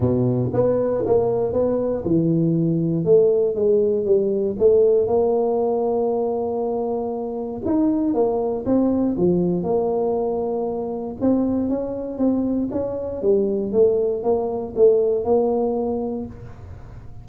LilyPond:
\new Staff \with { instrumentName = "tuba" } { \time 4/4 \tempo 4 = 118 b,4 b4 ais4 b4 | e2 a4 gis4 | g4 a4 ais2~ | ais2. dis'4 |
ais4 c'4 f4 ais4~ | ais2 c'4 cis'4 | c'4 cis'4 g4 a4 | ais4 a4 ais2 | }